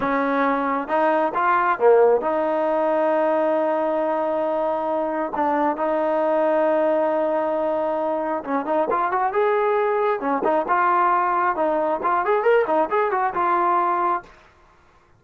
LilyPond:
\new Staff \with { instrumentName = "trombone" } { \time 4/4 \tempo 4 = 135 cis'2 dis'4 f'4 | ais4 dis'2.~ | dis'1 | d'4 dis'2.~ |
dis'2. cis'8 dis'8 | f'8 fis'8 gis'2 cis'8 dis'8 | f'2 dis'4 f'8 gis'8 | ais'8 dis'8 gis'8 fis'8 f'2 | }